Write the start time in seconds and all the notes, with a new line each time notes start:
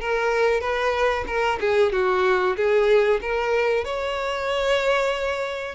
0.00 A#4
0.60 B4
1.27 A#4
1.60 G#4
1.92 F#4
2.56 G#4
3.21 A#4
3.84 C#5